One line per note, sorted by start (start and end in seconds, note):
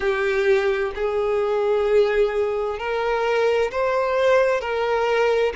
0.00 0.91 G4
0.95 2.78 G#4
2.78 3.70 A#4
3.71 4.61 C5
4.61 5.53 A#4